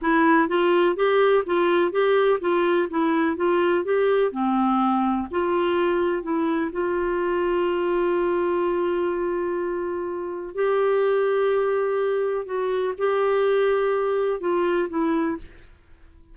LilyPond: \new Staff \with { instrumentName = "clarinet" } { \time 4/4 \tempo 4 = 125 e'4 f'4 g'4 f'4 | g'4 f'4 e'4 f'4 | g'4 c'2 f'4~ | f'4 e'4 f'2~ |
f'1~ | f'2 g'2~ | g'2 fis'4 g'4~ | g'2 f'4 e'4 | }